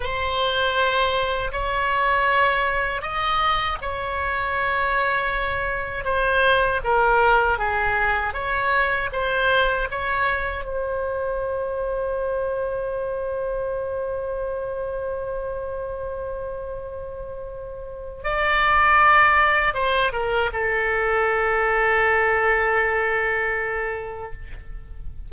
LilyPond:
\new Staff \with { instrumentName = "oboe" } { \time 4/4 \tempo 4 = 79 c''2 cis''2 | dis''4 cis''2. | c''4 ais'4 gis'4 cis''4 | c''4 cis''4 c''2~ |
c''1~ | c''1 | d''2 c''8 ais'8 a'4~ | a'1 | }